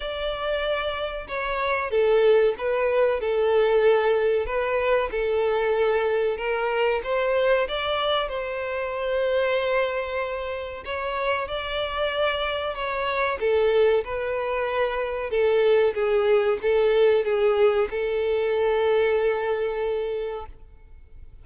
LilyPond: \new Staff \with { instrumentName = "violin" } { \time 4/4 \tempo 4 = 94 d''2 cis''4 a'4 | b'4 a'2 b'4 | a'2 ais'4 c''4 | d''4 c''2.~ |
c''4 cis''4 d''2 | cis''4 a'4 b'2 | a'4 gis'4 a'4 gis'4 | a'1 | }